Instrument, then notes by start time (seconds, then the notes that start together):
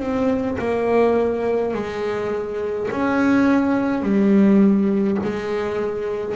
double bass
0.00 C4
0.59 A#3
1.74 G#3
2.91 C#4
4.02 G3
5.23 G#3